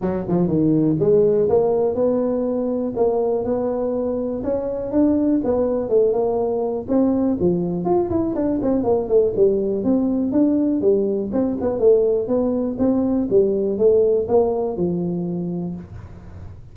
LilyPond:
\new Staff \with { instrumentName = "tuba" } { \time 4/4 \tempo 4 = 122 fis8 f8 dis4 gis4 ais4 | b2 ais4 b4~ | b4 cis'4 d'4 b4 | a8 ais4. c'4 f4 |
f'8 e'8 d'8 c'8 ais8 a8 g4 | c'4 d'4 g4 c'8 b8 | a4 b4 c'4 g4 | a4 ais4 f2 | }